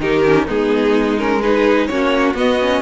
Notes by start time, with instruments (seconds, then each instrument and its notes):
0.00 cello D#3, viola D#4, violin G4 A#4
0.25 viola C#4
0.46 cello G#3, viola B3, violin D#4 G#4
1.18 viola C#4, violin A#4
1.41 viola D#4, violin G#4 B4
1.86 cello A#3, viola C#4, violin F#4 C#5
2.34 cello B3, viola B3, violin D#5
2.61 viola C#4